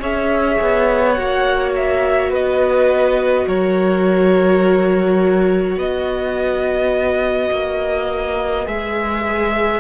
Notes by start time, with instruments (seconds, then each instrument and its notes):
0.00 cello C#4, viola G#4, violin C#5 E5
0.61 cello B3
1.12 viola F#4, violin F#5
1.19 cello A#3
1.76 violin E5
2.30 cello B3, violin B4 D#5
3.47 cello F#3, violin A#4 C#5
5.76 cello B3, violin B4 D#5
7.51 cello A#3
8.65 cello G#3, viola G#4, violin E5